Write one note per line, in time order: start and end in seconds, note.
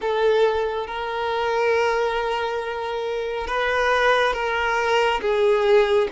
0.01 0.86 A4
0.86 3.47 A#4
3.47 4.33 B4
4.33 5.20 A#4
5.21 6.08 G#4